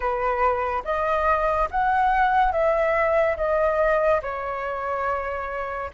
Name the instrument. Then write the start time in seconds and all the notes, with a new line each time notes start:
flute
0.00 B4
0.84 D#5
1.70 F#5
2.52 E5
3.36 D#5
4.21 C#5